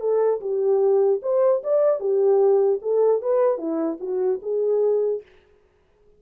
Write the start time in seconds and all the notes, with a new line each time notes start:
0.00 A4
0.41 G4
1.22 C5
1.64 D5
2.00 G4
2.82 A4
3.22 B4
3.58 E4
4.00 F#4
4.42 G#4